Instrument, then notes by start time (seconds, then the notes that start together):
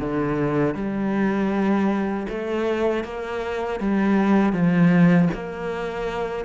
cello
0.00 D3
0.75 G3
2.29 A3
3.04 A#3
3.80 G3
4.53 F3
5.34 A#3